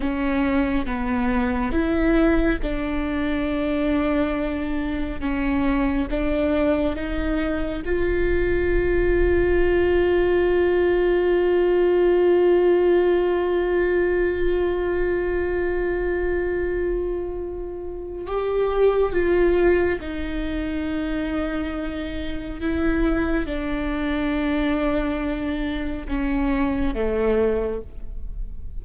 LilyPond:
\new Staff \with { instrumentName = "viola" } { \time 4/4 \tempo 4 = 69 cis'4 b4 e'4 d'4~ | d'2 cis'4 d'4 | dis'4 f'2.~ | f'1~ |
f'1~ | f'4 g'4 f'4 dis'4~ | dis'2 e'4 d'4~ | d'2 cis'4 a4 | }